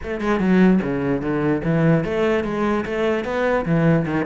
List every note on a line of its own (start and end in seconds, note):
0.02 0.20 A3
0.20 0.39 G#3
0.39 0.80 F#3
0.82 1.21 C#3
1.21 1.62 D3
1.63 2.04 E3
2.04 2.44 A3
2.44 2.84 G#3
2.85 3.24 A3
3.24 3.65 B3
3.65 4.05 E3
4.05 4.25 D#3